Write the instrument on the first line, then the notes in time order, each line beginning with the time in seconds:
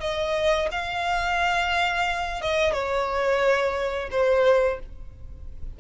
violin
0.00 D#5
0.71 F5
2.41 D#5
2.73 C#5
4.11 C5